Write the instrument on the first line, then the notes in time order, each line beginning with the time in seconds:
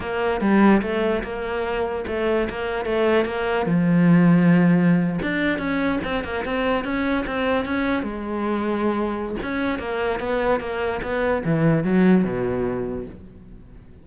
cello
0.00 A#3
0.41 G3
0.81 A3
1.23 A#3
2.07 A3
2.49 A#3
2.85 A3
3.25 A#3
3.66 F3
5.22 D4
5.58 C#4
6.04 C4
6.24 A#3
6.44 C4
6.84 C#4
7.26 C4
7.65 C#4
8.02 G#3
9.42 C#4
9.78 A#3
10.19 B3
10.60 A#3
11.02 B3
11.45 E3
11.84 F#3
12.24 B2